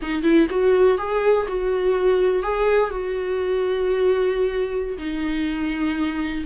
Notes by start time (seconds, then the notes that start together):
0.02 D#4
0.22 E4
0.50 F#4
0.98 G#4
1.48 F#4
2.43 G#4
2.90 F#4
4.98 D#4